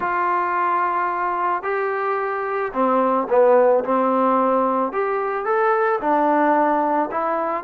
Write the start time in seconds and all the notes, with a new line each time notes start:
0.00 F4
1.62 G4
2.73 C4
3.29 B3
3.84 C4
4.92 G4
5.45 A4
6.00 D4
7.11 E4